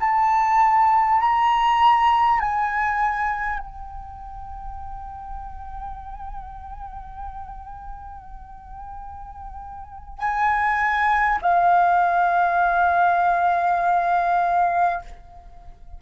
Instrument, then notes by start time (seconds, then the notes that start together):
flute
0.00 A5
1.21 A#5
2.40 G#5
3.59 G5
10.19 G#5
11.42 F5